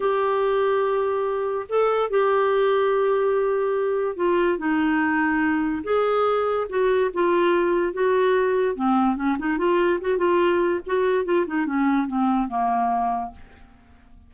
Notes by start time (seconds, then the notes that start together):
0.00 G4
1.69 A4
2.09 G4
4.16 F4
4.58 D#4
5.83 G#4
6.69 F#4
7.13 F4
7.93 F#4
8.75 C4
9.16 C#4
9.38 D#4
9.58 F4
10.00 F#4
10.17 F4
10.86 F#4
11.24 F4
11.46 D#4
11.66 C#4
12.07 C4
12.48 A#3